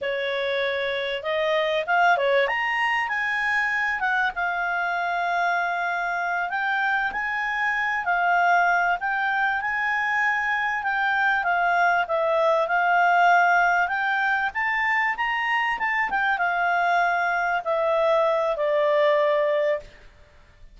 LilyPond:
\new Staff \with { instrumentName = "clarinet" } { \time 4/4 \tempo 4 = 97 cis''2 dis''4 f''8 cis''8 | ais''4 gis''4. fis''8 f''4~ | f''2~ f''8 g''4 gis''8~ | gis''4 f''4. g''4 gis''8~ |
gis''4. g''4 f''4 e''8~ | e''8 f''2 g''4 a''8~ | a''8 ais''4 a''8 g''8 f''4.~ | f''8 e''4. d''2 | }